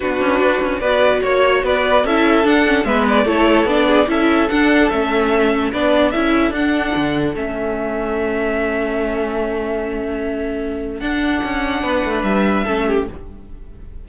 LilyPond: <<
  \new Staff \with { instrumentName = "violin" } { \time 4/4 \tempo 4 = 147 b'2 d''4 cis''4 | d''4 e''4 fis''4 e''8 d''8 | cis''4 d''4 e''4 fis''4 | e''2 d''4 e''4 |
fis''2 e''2~ | e''1~ | e''2. fis''4~ | fis''2 e''2 | }
  \new Staff \with { instrumentName = "violin" } { \time 4/4 fis'2 b'4 cis''4 | b'4 a'2 b'4 | a'4. gis'8 a'2~ | a'2 b'4 a'4~ |
a'1~ | a'1~ | a'1~ | a'4 b'2 a'8 g'8 | }
  \new Staff \with { instrumentName = "viola" } { \time 4/4 d'2 fis'2~ | fis'4 e'4 d'8 cis'8 b4 | e'4 d'4 e'4 d'4 | cis'2 d'4 e'4 |
d'2 cis'2~ | cis'1~ | cis'2. d'4~ | d'2. cis'4 | }
  \new Staff \with { instrumentName = "cello" } { \time 4/4 b8 cis'8 d'8 cis'8 b4 ais4 | b4 cis'4 d'4 gis4 | a4 b4 cis'4 d'4 | a2 b4 cis'4 |
d'4 d4 a2~ | a1~ | a2. d'4 | cis'4 b8 a8 g4 a4 | }
>>